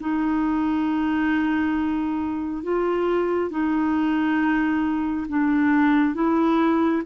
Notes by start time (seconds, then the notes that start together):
0.00 D#4
2.63 F4
3.50 D#4
5.28 D4
6.14 E4